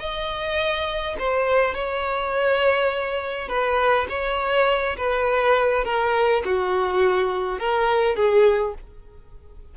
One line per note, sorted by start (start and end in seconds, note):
0.00 1.17 D#5
1.19 1.75 C5
1.75 3.49 C#5
3.49 4.07 B4
4.10 4.97 C#5
4.98 5.85 B4
5.85 6.43 A#4
6.45 7.59 F#4
7.59 8.16 A#4
8.16 8.74 G#4